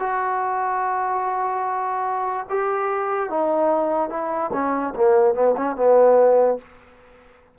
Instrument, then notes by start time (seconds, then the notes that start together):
trombone
0.00 F#4
2.50 G4
3.30 D#4
4.10 E4
4.53 C#4
4.95 A#3
5.35 B3
5.57 C#4
5.76 B3